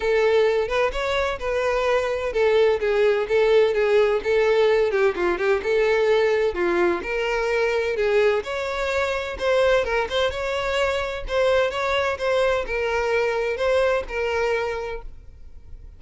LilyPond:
\new Staff \with { instrumentName = "violin" } { \time 4/4 \tempo 4 = 128 a'4. b'8 cis''4 b'4~ | b'4 a'4 gis'4 a'4 | gis'4 a'4. g'8 f'8 g'8 | a'2 f'4 ais'4~ |
ais'4 gis'4 cis''2 | c''4 ais'8 c''8 cis''2 | c''4 cis''4 c''4 ais'4~ | ais'4 c''4 ais'2 | }